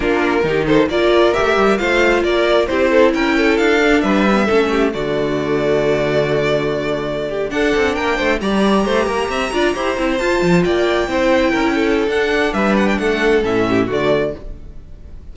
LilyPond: <<
  \new Staff \with { instrumentName = "violin" } { \time 4/4 \tempo 4 = 134 ais'4. c''8 d''4 e''4 | f''4 d''4 c''4 g''4 | f''4 e''2 d''4~ | d''1~ |
d''8. fis''4 g''4 ais''4~ ais''16~ | ais''2~ ais''8. a''4 g''16~ | g''2. fis''4 | e''8 fis''16 g''16 fis''4 e''4 d''4 | }
  \new Staff \with { instrumentName = "violin" } { \time 4/4 f'4 g'8 a'8 ais'2 | c''4 ais'4 g'8 a'8 ais'8 a'8~ | a'4 b'4 a'8 g'8 fis'4~ | fis'1~ |
fis'16 g'8 a'4 ais'8 c''8 d''4 c''16~ | c''16 ais'8 e''8 d''8 c''2 d''16~ | d''8. c''4 ais'8 a'4.~ a'16 | b'4 a'4. g'8 fis'4 | }
  \new Staff \with { instrumentName = "viola" } { \time 4/4 d'4 dis'4 f'4 g'4 | f'2 e'2~ | e'8 d'4 cis'16 b16 cis'4 a4~ | a1~ |
a8. d'2 g'4~ g'16~ | g'4~ g'16 f'8 g'8 e'8 f'4~ f'16~ | f'8. e'2~ e'16 d'4~ | d'2 cis'4 a4 | }
  \new Staff \with { instrumentName = "cello" } { \time 4/4 ais4 dis4 ais4 a8 g8 | a4 ais4 c'4 cis'4 | d'4 g4 a4 d4~ | d1~ |
d8. d'8 c'8 ais8 a8 g4 a16~ | a16 ais8 c'8 d'8 e'8 c'8 f'8 f8 ais16~ | ais8. c'4 cis'4~ cis'16 d'4 | g4 a4 a,4 d4 | }
>>